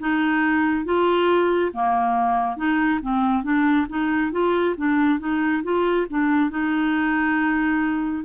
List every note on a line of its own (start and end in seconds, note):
0.00 0.85 D#4
0.85 1.72 F4
1.74 2.57 A#3
2.57 3.00 D#4
3.02 3.44 C4
3.44 3.87 D4
3.89 4.32 D#4
4.32 4.76 F4
4.77 5.20 D4
5.20 5.64 D#4
5.64 6.07 F4
6.10 6.51 D4
6.51 8.25 D#4